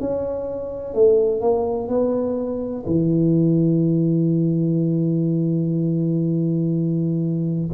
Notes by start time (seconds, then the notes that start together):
0.00 C#4
0.94 A3
1.40 A#3
1.88 B3
2.85 E3